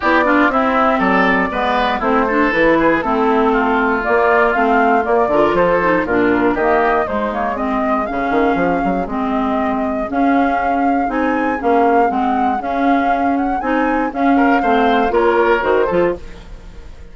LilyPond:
<<
  \new Staff \with { instrumentName = "flute" } { \time 4/4 \tempo 4 = 119 d''4 e''4 d''2 | c''4 b'4 a'2 | d''4 f''4 d''4 c''4 | ais'4 dis''4 c''8 cis''8 dis''4 |
f''2 dis''2 | f''2 gis''4 f''4 | fis''4 f''4. fis''8 gis''4 | f''2 cis''4 c''4 | }
  \new Staff \with { instrumentName = "oboe" } { \time 4/4 g'8 f'8 e'4 a'4 b'4 | e'8 a'4 gis'8 e'4 f'4~ | f'2~ f'8 ais'8 a'4 | f'4 g'4 dis'4 gis'4~ |
gis'1~ | gis'1~ | gis'1~ | gis'8 ais'8 c''4 ais'4. a'8 | }
  \new Staff \with { instrumentName = "clarinet" } { \time 4/4 e'8 d'8 c'2 b4 | c'8 d'8 e'4 c'2 | ais4 c'4 ais8 f'4 dis'8 | d'4 ais4 gis8 ais8 c'4 |
cis'2 c'2 | cis'2 dis'4 cis'4 | c'4 cis'2 dis'4 | cis'4 c'4 f'4 fis'8 f'8 | }
  \new Staff \with { instrumentName = "bassoon" } { \time 4/4 b4 c'4 fis4 gis4 | a4 e4 a2 | ais4 a4 ais8 d8 f4 | ais,4 dis4 gis2 |
cis8 dis8 f8 fis8 gis2 | cis'2 c'4 ais4 | gis4 cis'2 c'4 | cis'4 a4 ais4 dis8 f8 | }
>>